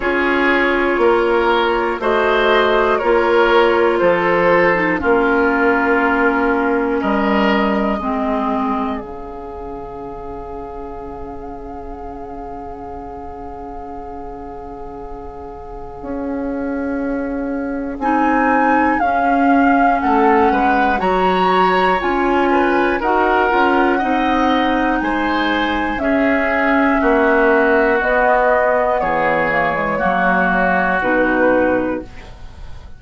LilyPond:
<<
  \new Staff \with { instrumentName = "flute" } { \time 4/4 \tempo 4 = 60 cis''2 dis''4 cis''4 | c''4 ais'2 dis''4~ | dis''4 f''2.~ | f''1~ |
f''2 gis''4 f''4 | fis''4 ais''4 gis''4 fis''4~ | fis''4 gis''4 e''2 | dis''4 cis''2 b'4 | }
  \new Staff \with { instrumentName = "oboe" } { \time 4/4 gis'4 ais'4 c''4 ais'4 | a'4 f'2 ais'4 | gis'1~ | gis'1~ |
gis'1 | a'8 b'8 cis''4. b'8 ais'4 | dis''4 c''4 gis'4 fis'4~ | fis'4 gis'4 fis'2 | }
  \new Staff \with { instrumentName = "clarinet" } { \time 4/4 f'2 fis'4 f'4~ | f'8. dis'16 cis'2. | c'4 cis'2.~ | cis'1~ |
cis'2 dis'4 cis'4~ | cis'4 fis'4 f'4 fis'8 f'8 | dis'2 cis'2 | b4. ais16 gis16 ais4 dis'4 | }
  \new Staff \with { instrumentName = "bassoon" } { \time 4/4 cis'4 ais4 a4 ais4 | f4 ais2 g4 | gis4 cis2.~ | cis1 |
cis'2 c'4 cis'4 | a8 gis8 fis4 cis'4 dis'8 cis'8 | c'4 gis4 cis'4 ais4 | b4 e4 fis4 b,4 | }
>>